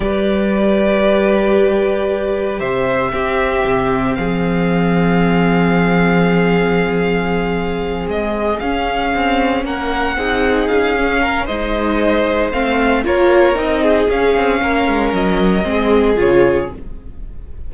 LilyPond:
<<
  \new Staff \with { instrumentName = "violin" } { \time 4/4 \tempo 4 = 115 d''1~ | d''4 e''2. | f''1~ | f''2.~ f''8 dis''8~ |
dis''8 f''2 fis''4.~ | fis''8 f''4. dis''2 | f''4 cis''4 dis''4 f''4~ | f''4 dis''2 cis''4 | }
  \new Staff \with { instrumentName = "violin" } { \time 4/4 b'1~ | b'4 c''4 g'2 | gis'1~ | gis'1~ |
gis'2~ gis'8 ais'4 gis'8~ | gis'4. ais'8 c''2~ | c''4 ais'4. gis'4. | ais'2 gis'2 | }
  \new Staff \with { instrumentName = "viola" } { \time 4/4 g'1~ | g'2 c'2~ | c'1~ | c'1~ |
c'8 cis'2. dis'8~ | dis'4 cis'4 dis'2 | c'4 f'4 dis'4 cis'4~ | cis'2 c'4 f'4 | }
  \new Staff \with { instrumentName = "cello" } { \time 4/4 g1~ | g4 c4 c'4 c4 | f1~ | f2.~ f8 gis8~ |
gis8 cis'4 c'4 ais4 c'8~ | c'8 cis'4. gis2 | a4 ais4 c'4 cis'8 c'8 | ais8 gis8 fis4 gis4 cis4 | }
>>